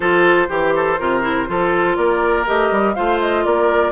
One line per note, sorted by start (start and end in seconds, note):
0.00 0.48 F3
0.00 0.48 F4
0.00 0.48 A4
0.00 1.95 C5
0.48 0.98 E3
0.48 0.97 G4
0.48 0.73 G4
0.75 0.99 A4
0.99 1.48 C3
0.99 1.22 F4
0.99 1.48 A#4
1.22 1.46 E4
1.47 1.96 F3
1.47 2.45 F4
1.47 1.97 A4
1.96 2.45 A#3
1.96 2.95 A#4
1.96 2.45 D5
2.45 2.71 A3
2.45 2.94 G4
2.45 2.93 D#5
2.71 2.95 G3
2.93 3.45 A3
2.93 3.91 F4
2.93 3.44 C5
2.93 3.18 F5
3.20 3.45 D#5
3.44 3.91 A#3
3.44 3.91 A#4
3.44 3.91 D5